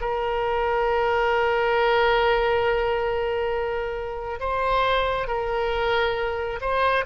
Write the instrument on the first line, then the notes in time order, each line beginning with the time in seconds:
oboe
0.00 A#4
4.39 C5
5.27 A#4
6.61 C5